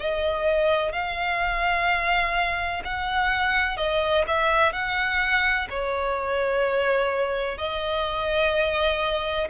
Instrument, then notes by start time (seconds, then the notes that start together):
violin
0.00 D#5
0.92 F5
2.84 F#5
3.77 D#5
4.27 E5
4.73 F#5
5.70 C#5
7.58 D#5